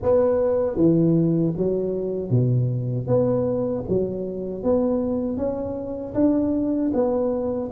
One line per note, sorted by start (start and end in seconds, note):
0.02 0.76 B3
0.76 1.53 E3
1.56 2.30 F#3
2.30 3.07 B2
3.07 3.84 B3
3.88 4.63 F#3
4.63 5.37 B3
5.37 6.14 C#4
6.14 6.91 D4
6.93 7.70 B3